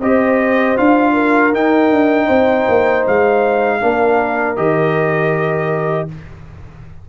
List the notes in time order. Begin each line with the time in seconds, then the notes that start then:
0.00 C4 G4 C5 D#5
0.77 D4 F4 F5
1.13 A#4
1.53 D#4 G5
1.90 D4
2.26 C4 C5
2.69 A#3
3.07 G#3 F5
3.81 A#3 D4 A#4
4.56 D#3 G4 D#5